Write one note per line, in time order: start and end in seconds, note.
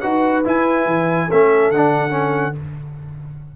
0.00 0.45 D#4
0.00 0.44 F#4
0.00 1.28 B4
0.00 0.43 F#5
0.45 1.30 E4
0.45 0.86 E4
0.45 1.31 G#5
0.86 1.28 E3
1.28 1.71 A3
1.28 1.74 C#4
1.28 2.55 A4
1.28 1.71 E5
1.71 2.56 D3
1.71 2.10 D4
1.71 2.56 F#5
2.10 2.52 C#4